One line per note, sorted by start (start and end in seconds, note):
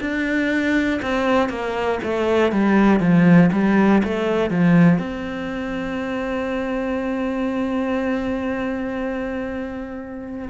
0.00 1.00 D4
1.01 1.49 C4
1.49 1.99 A#3
2.03 2.52 A3
2.52 3.00 G3
3.00 3.50 F3
3.52 4.02 G3
4.03 4.50 A3
4.50 4.98 F3
4.98 10.48 C4